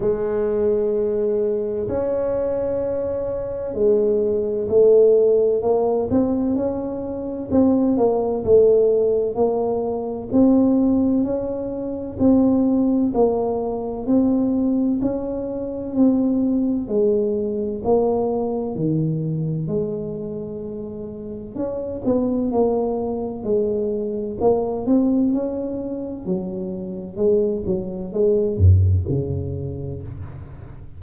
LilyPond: \new Staff \with { instrumentName = "tuba" } { \time 4/4 \tempo 4 = 64 gis2 cis'2 | gis4 a4 ais8 c'8 cis'4 | c'8 ais8 a4 ais4 c'4 | cis'4 c'4 ais4 c'4 |
cis'4 c'4 gis4 ais4 | dis4 gis2 cis'8 b8 | ais4 gis4 ais8 c'8 cis'4 | fis4 gis8 fis8 gis8 fis,8 cis4 | }